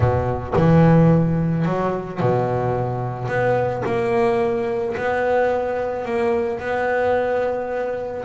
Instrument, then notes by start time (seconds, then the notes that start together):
double bass
0.00 B2
0.56 E3
1.65 F#3
2.20 B2
3.28 B3
3.85 A#3
4.96 B3
6.05 A#3
6.59 B3